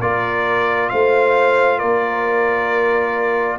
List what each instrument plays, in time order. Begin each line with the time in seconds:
0.00 tuba A#3, trombone F4, horn A#4, trumpet D5
0.89 tuba A3, horn C5, trumpet F5
1.78 tuba A#3, horn A#4, trumpet D5